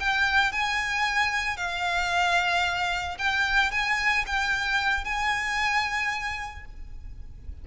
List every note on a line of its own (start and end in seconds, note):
0.00 0.53 G5
0.53 1.57 G#5
1.57 3.18 F5
3.19 3.72 G5
3.72 4.25 G#5
4.27 5.05 G5
5.05 6.66 G#5